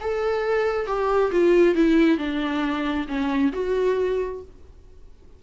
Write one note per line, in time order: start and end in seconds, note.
0.00 0.86 A4
0.86 1.31 G4
1.31 1.75 F4
1.75 2.18 E4
2.18 3.06 D4
3.07 3.52 C#4
3.52 4.41 F#4